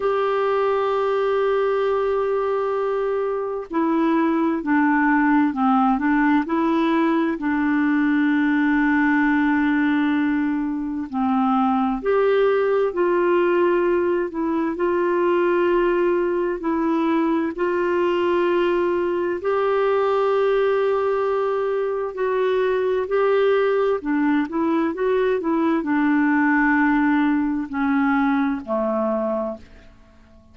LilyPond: \new Staff \with { instrumentName = "clarinet" } { \time 4/4 \tempo 4 = 65 g'1 | e'4 d'4 c'8 d'8 e'4 | d'1 | c'4 g'4 f'4. e'8 |
f'2 e'4 f'4~ | f'4 g'2. | fis'4 g'4 d'8 e'8 fis'8 e'8 | d'2 cis'4 a4 | }